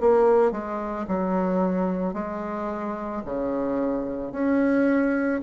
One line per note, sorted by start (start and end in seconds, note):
0.00 0.52 A#3
0.52 1.06 G#3
1.07 2.13 F#3
2.13 3.22 G#3
3.25 4.32 C#3
4.32 5.41 C#4